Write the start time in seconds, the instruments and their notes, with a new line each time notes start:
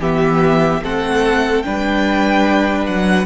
0.00 cello E3, viola B3, violin G4 E5
0.83 cello A3, viola C4, violin A4 F#5
1.63 cello G3, viola D4, violin B4 G5
2.86 cello F#3, violin F#5